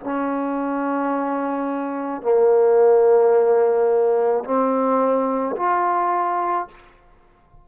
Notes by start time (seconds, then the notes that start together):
0.00 C#4
2.22 A#3
4.44 C4
5.56 F4